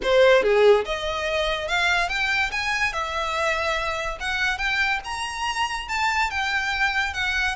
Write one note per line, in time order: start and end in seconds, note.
0.02 0.42 C5
0.42 0.84 G#4
0.85 1.68 D#5
1.68 2.08 F5
2.08 2.50 G5
2.51 2.92 G#5
2.92 4.18 E5
4.20 4.57 F#5
4.57 4.99 G5
5.04 5.88 A#5
5.88 6.30 A5
6.30 7.13 G5
7.13 7.55 F#5